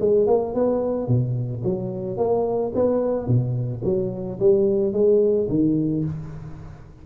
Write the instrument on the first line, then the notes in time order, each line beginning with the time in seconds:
tuba
0.00 G#3
0.27 A#3
0.54 B3
1.07 B2
1.64 F#3
2.17 A#3
2.75 B3
3.27 B2
3.84 F#3
4.40 G3
4.93 G#3
5.49 D#3